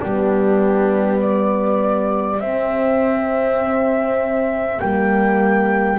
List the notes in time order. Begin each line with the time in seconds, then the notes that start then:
0.00 G3 B3 D4 G4
1.19 G4 D5
2.40 C4 E5
4.78 G3 A#3 G5